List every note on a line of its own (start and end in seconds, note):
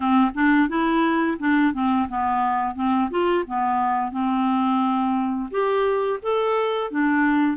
0.00 0.31 C4
0.34 0.68 D4
0.68 1.37 E4
1.39 1.73 D4
1.73 2.08 C4
2.08 2.75 B3
2.75 3.09 C4
3.10 3.45 F4
3.46 4.11 B3
4.11 5.49 C4
5.50 6.19 G4
6.22 6.91 A4
6.91 7.57 D4